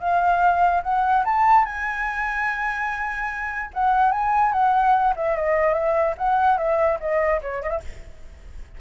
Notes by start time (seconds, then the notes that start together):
0.00 F5
0.83 F#5
1.25 A5
1.66 G#5
3.74 F#5
4.12 G#5
4.53 F#5
5.16 E5
5.36 D#5
5.74 E5
6.18 F#5
6.58 E5
7.00 D#5
7.42 C#5
7.63 D#5
7.70 E5